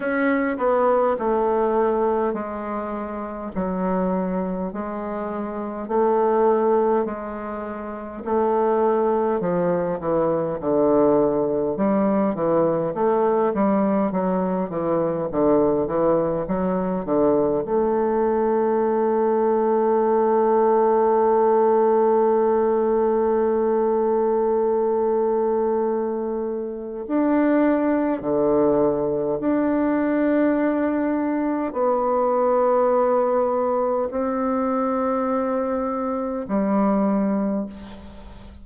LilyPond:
\new Staff \with { instrumentName = "bassoon" } { \time 4/4 \tempo 4 = 51 cis'8 b8 a4 gis4 fis4 | gis4 a4 gis4 a4 | f8 e8 d4 g8 e8 a8 g8 | fis8 e8 d8 e8 fis8 d8 a4~ |
a1~ | a2. d'4 | d4 d'2 b4~ | b4 c'2 g4 | }